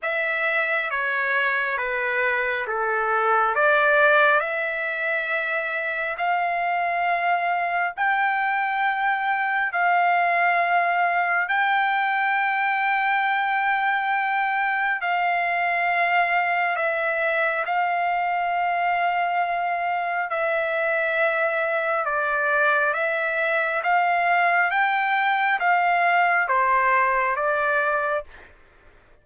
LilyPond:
\new Staff \with { instrumentName = "trumpet" } { \time 4/4 \tempo 4 = 68 e''4 cis''4 b'4 a'4 | d''4 e''2 f''4~ | f''4 g''2 f''4~ | f''4 g''2.~ |
g''4 f''2 e''4 | f''2. e''4~ | e''4 d''4 e''4 f''4 | g''4 f''4 c''4 d''4 | }